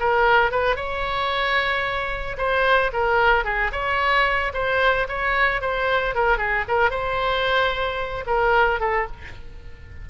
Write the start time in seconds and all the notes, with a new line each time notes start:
0.00 A#4
0.51 B4
0.76 C#5
2.38 C5
2.93 A#4
3.45 G#4
3.72 C#5
4.54 C5
5.09 C#5
5.62 C5
6.15 A#4
6.38 G#4
6.68 A#4
6.91 C5
8.27 A#4
8.80 A4